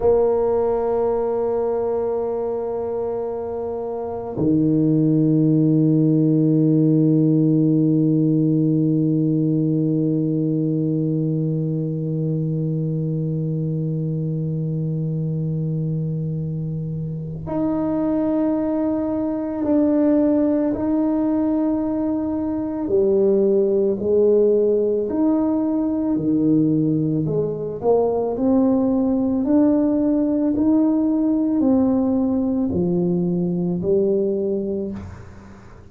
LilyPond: \new Staff \with { instrumentName = "tuba" } { \time 4/4 \tempo 4 = 55 ais1 | dis1~ | dis1~ | dis1 |
dis'2 d'4 dis'4~ | dis'4 g4 gis4 dis'4 | dis4 gis8 ais8 c'4 d'4 | dis'4 c'4 f4 g4 | }